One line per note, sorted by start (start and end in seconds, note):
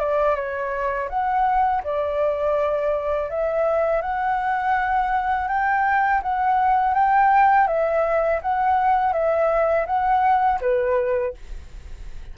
0.00 0.36 D5
0.36 1.09 C#5
1.09 1.83 F#5
1.84 3.30 D5
3.30 4.02 E5
4.02 5.48 F#5
5.48 6.21 G5
6.23 6.94 F#5
6.94 7.67 G5
7.68 8.41 E5
8.42 9.13 F#5
9.13 9.86 E5
9.86 10.60 F#5
10.61 11.34 B4